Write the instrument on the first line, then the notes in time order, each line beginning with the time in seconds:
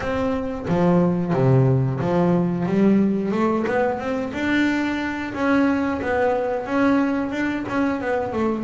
double bass
0.00 C4
0.68 F3
1.33 C3
2.00 F3
2.66 G3
3.32 A3
3.67 B3
3.99 C4
4.33 D4
5.34 C#4
6.01 B3
6.66 C#4
7.32 D4
7.68 C#4
8.01 B3
8.32 A3